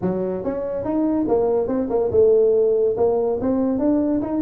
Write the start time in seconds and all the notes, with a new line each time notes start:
0.01 F#3
0.43 C#4
0.84 D#4
1.28 A#3
1.67 C4
1.89 A#3
2.11 A3
2.96 A#3
3.40 C4
3.78 D4
4.21 D#4